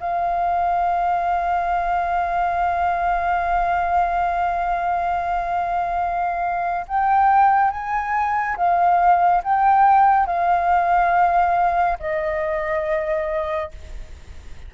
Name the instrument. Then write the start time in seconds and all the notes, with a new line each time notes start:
flute
0.00 F5
6.88 G5
7.71 G#5
8.57 F5
9.44 G5
10.27 F5
12.00 D#5